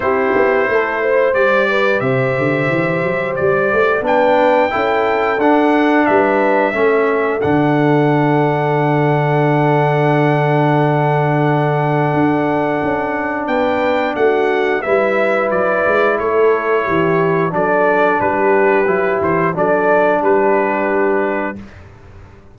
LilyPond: <<
  \new Staff \with { instrumentName = "trumpet" } { \time 4/4 \tempo 4 = 89 c''2 d''4 e''4~ | e''4 d''4 g''2 | fis''4 e''2 fis''4~ | fis''1~ |
fis''1 | g''4 fis''4 e''4 d''4 | cis''2 d''4 b'4~ | b'8 c''8 d''4 b'2 | }
  \new Staff \with { instrumentName = "horn" } { \time 4/4 g'4 a'8 c''4 b'8 c''4~ | c''2 b'4 a'4~ | a'4 b'4 a'2~ | a'1~ |
a'1 | b'4 fis'4 b'2 | a'4 g'4 a'4 g'4~ | g'4 a'4 g'2 | }
  \new Staff \with { instrumentName = "trombone" } { \time 4/4 e'2 g'2~ | g'2 d'4 e'4 | d'2 cis'4 d'4~ | d'1~ |
d'1~ | d'2 e'2~ | e'2 d'2 | e'4 d'2. | }
  \new Staff \with { instrumentName = "tuba" } { \time 4/4 c'8 b8 a4 g4 c8 d8 | e8 fis8 g8 a8 b4 cis'4 | d'4 g4 a4 d4~ | d1~ |
d2 d'4 cis'4 | b4 a4 g4 fis8 gis8 | a4 e4 fis4 g4 | fis8 e8 fis4 g2 | }
>>